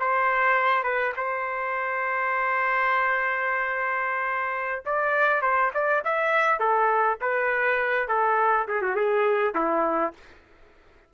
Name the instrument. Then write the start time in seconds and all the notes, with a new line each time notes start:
trumpet
0.00 C5
0.84 B4
1.17 C5
4.86 D5
5.42 C5
5.74 D5
6.05 E5
6.59 A4
7.21 B4
8.08 A4
8.68 G#4
8.82 F#4
8.96 G#4
9.55 E4